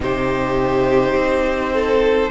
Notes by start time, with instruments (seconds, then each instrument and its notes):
0.00 cello C3, viola D#4, violin G4 C5
1.14 cello C4
1.73 violin A4